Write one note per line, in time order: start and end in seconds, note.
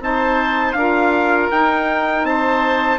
0.00 0.74 C4
0.00 0.76 D#4
0.00 0.79 C5
0.00 0.73 A5
0.73 1.49 D4
0.73 1.51 F4
0.73 2.28 A#4
0.73 1.48 F5
1.51 2.99 D#4
1.51 2.24 D#4
1.51 2.26 G5
2.24 2.99 C4
2.24 2.99 C5
2.24 2.99 A5